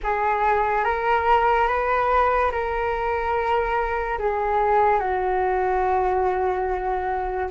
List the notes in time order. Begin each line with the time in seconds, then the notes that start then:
0.03 G#4
0.84 A#4
1.67 B4
2.52 A#4
4.19 G#4
4.99 F#4